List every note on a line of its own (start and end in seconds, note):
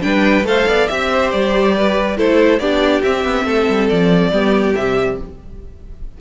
0.00 0.44 G3
0.00 0.43 D4
0.00 0.46 B4
0.00 0.45 G5
0.44 0.65 A3
0.44 0.87 A4
0.44 0.67 C5
0.44 0.87 F5
0.66 0.87 B3
0.66 0.88 D5
0.87 1.33 C4
0.87 2.16 G4
0.87 1.30 E5
0.87 1.10 E5
1.11 1.75 C5
1.31 2.18 G3
1.31 2.17 D5
1.76 2.17 B4
2.17 2.59 A3
2.17 2.59 E4
2.17 2.60 A4
2.17 2.59 C5
2.59 3.02 B3
2.59 3.03 D4
2.59 3.45 G4
2.59 3.02 D5
3.02 4.32 C4
3.02 3.24 C4
3.02 3.88 E5
3.24 3.44 B3
3.44 3.66 A3
3.44 4.31 A4
3.69 3.90 G3
3.88 4.31 F3
3.88 4.74 D5
4.31 4.74 G3
4.31 4.75 B3
4.31 5.18 G4
4.75 5.20 C3
4.75 5.17 G3
4.75 5.17 E5